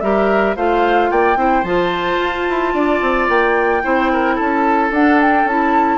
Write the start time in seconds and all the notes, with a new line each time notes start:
0.00 G3 G4 A#4 E5
0.56 A3 F4 C5 F5
1.10 A#3 D5 G5
1.36 C4 E4 C5
1.63 F3 F4 A5
2.20 F4
2.49 E4
2.73 D4 D5
3.01 C4
3.28 A#3 G5
3.82 C4 E4 C5
4.12 A#4
4.35 C#4 A4 A5
4.90 D4 F#5
5.21 G5
5.44 C#4 E4 A5